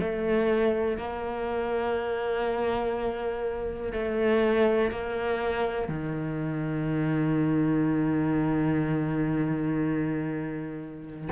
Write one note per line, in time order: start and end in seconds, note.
0.00 0.98 A3
0.98 3.93 A#3
3.93 4.91 A3
4.91 5.88 A#3
5.88 11.29 D#3